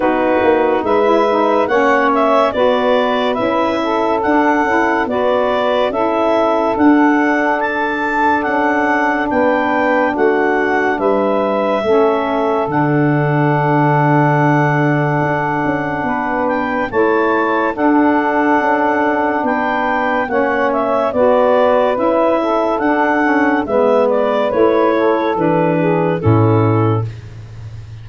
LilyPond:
<<
  \new Staff \with { instrumentName = "clarinet" } { \time 4/4 \tempo 4 = 71 b'4 e''4 fis''8 e''8 d''4 | e''4 fis''4 d''4 e''4 | fis''4 a''4 fis''4 g''4 | fis''4 e''2 fis''4~ |
fis''2.~ fis''8 g''8 | a''4 fis''2 g''4 | fis''8 e''8 d''4 e''4 fis''4 | e''8 d''8 cis''4 b'4 a'4 | }
  \new Staff \with { instrumentName = "saxophone" } { \time 4/4 fis'4 b'4 cis''4 b'4~ | b'8 a'4. b'4 a'4~ | a'2. b'4 | fis'4 b'4 a'2~ |
a'2. b'4 | cis''4 a'2 b'4 | cis''4 b'4. a'4. | b'4. a'4 gis'8 e'4 | }
  \new Staff \with { instrumentName = "saxophone" } { \time 4/4 dis'4~ dis'16 e'16 dis'8 cis'4 fis'4 | e'4 d'8 e'8 fis'4 e'4 | d'1~ | d'2 cis'4 d'4~ |
d'1 | e'4 d'2. | cis'4 fis'4 e'4 d'8 cis'8 | b4 e'4 d'4 cis'4 | }
  \new Staff \with { instrumentName = "tuba" } { \time 4/4 b8 ais8 gis4 ais4 b4 | cis'4 d'8 cis'8 b4 cis'4 | d'2 cis'4 b4 | a4 g4 a4 d4~ |
d2 d'8 cis'8 b4 | a4 d'4 cis'4 b4 | ais4 b4 cis'4 d'4 | gis4 a4 e4 a,4 | }
>>